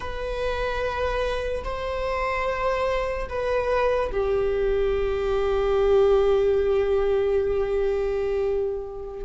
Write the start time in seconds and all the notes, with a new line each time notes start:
0.00 B4
1.64 C5
3.28 B4
4.11 G4